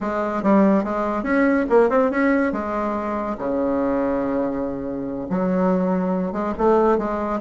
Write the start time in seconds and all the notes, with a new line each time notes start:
0.00 G#3
0.42 G3
0.84 G#3
1.23 C#4
1.69 A#3
1.89 C4
2.10 C#4
2.52 G#3
3.38 C#3
5.29 F#3
6.32 G#3
6.58 A3
6.98 G#3